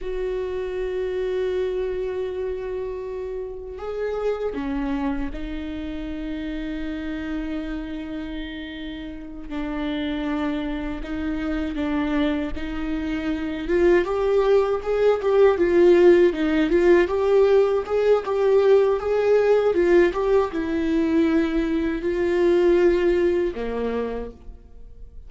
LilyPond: \new Staff \with { instrumentName = "viola" } { \time 4/4 \tempo 4 = 79 fis'1~ | fis'4 gis'4 cis'4 dis'4~ | dis'1~ | dis'8 d'2 dis'4 d'8~ |
d'8 dis'4. f'8 g'4 gis'8 | g'8 f'4 dis'8 f'8 g'4 gis'8 | g'4 gis'4 f'8 g'8 e'4~ | e'4 f'2 ais4 | }